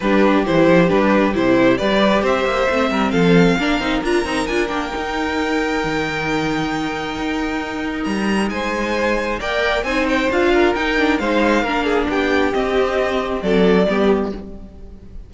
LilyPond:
<<
  \new Staff \with { instrumentName = "violin" } { \time 4/4 \tempo 4 = 134 b'4 c''4 b'4 c''4 | d''4 e''2 f''4~ | f''4 ais''4 gis''8 g''4.~ | g''1~ |
g''2 ais''4 gis''4~ | gis''4 g''4 gis''8 g''8 f''4 | g''4 f''2 g''4 | dis''2 d''2 | }
  \new Staff \with { instrumentName = "violin" } { \time 4/4 g'1 | b'4 c''4. ais'8 a'4 | ais'1~ | ais'1~ |
ais'2. c''4~ | c''4 d''4 c''4. ais'8~ | ais'4 c''4 ais'8 gis'8 g'4~ | g'2 a'4 g'4 | }
  \new Staff \with { instrumentName = "viola" } { \time 4/4 d'4 e'4 d'4 e'4 | g'2 c'2 | d'8 dis'8 f'8 dis'8 f'8 d'8 dis'4~ | dis'1~ |
dis'1~ | dis'4 ais'4 dis'4 f'4 | dis'8 d'8 dis'4 d'2 | c'2. b4 | }
  \new Staff \with { instrumentName = "cello" } { \time 4/4 g4 e8 f8 g4 c4 | g4 c'8 ais8 a8 g8 f4 | ais8 c'8 d'8 c'8 d'8 ais8 dis'4~ | dis'4 dis2. |
dis'2 g4 gis4~ | gis4 ais4 c'4 d'4 | dis'4 gis4 ais4 b4 | c'2 fis4 g4 | }
>>